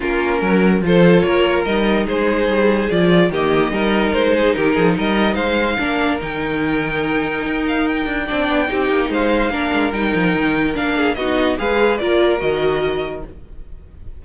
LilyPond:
<<
  \new Staff \with { instrumentName = "violin" } { \time 4/4 \tempo 4 = 145 ais'2 c''4 cis''4 | dis''4 c''2 d''4 | dis''2 c''4 ais'4 | dis''4 f''2 g''4~ |
g''2~ g''8 f''8 g''4~ | g''2 f''2 | g''2 f''4 dis''4 | f''4 d''4 dis''2 | }
  \new Staff \with { instrumentName = "violin" } { \time 4/4 f'4 ais'4 a'4 ais'4~ | ais'4 gis'2. | g'4 ais'4. gis'8 g'8 gis'8 | ais'4 c''4 ais'2~ |
ais'1 | d''4 g'4 c''4 ais'4~ | ais'2~ ais'8 gis'8 fis'4 | b'4 ais'2. | }
  \new Staff \with { instrumentName = "viola" } { \time 4/4 cis'2 f'2 | dis'2. f'4 | ais4 dis'2.~ | dis'2 d'4 dis'4~ |
dis'1 | d'4 dis'2 d'4 | dis'2 d'4 dis'4 | gis'4 f'4 fis'2 | }
  \new Staff \with { instrumentName = "cello" } { \time 4/4 ais4 fis4 f4 ais4 | g4 gis4 g4 f4 | dis4 g4 gis4 dis8 f8 | g4 gis4 ais4 dis4~ |
dis2 dis'4. d'8 | c'8 b8 c'8 ais8 gis4 ais8 gis8 | g8 f8 dis4 ais4 b4 | gis4 ais4 dis2 | }
>>